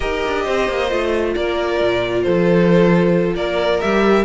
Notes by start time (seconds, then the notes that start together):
0.00 D#4 G4 A#4 D#5
0.25 D4
0.44 C4 C5
0.68 A#3
0.89 A3 F4
1.35 A#3 A#4 D5
1.81 A#2
2.22 F3 A4 C5
3.34 A#3 A#4 D5
3.80 G3 G4 E5